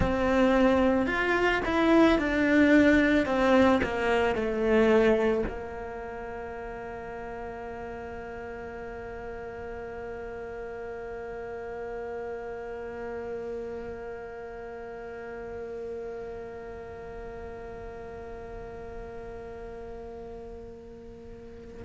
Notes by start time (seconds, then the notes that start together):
0.00 C4
1.06 F4
1.65 E4
2.18 D4
3.25 C4
3.83 A#3
4.35 A3
5.47 A#3